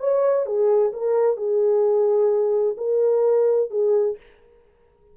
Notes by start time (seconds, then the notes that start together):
0.00 C#5
0.46 G#4
0.93 A#4
1.37 G#4
2.78 A#4
3.71 G#4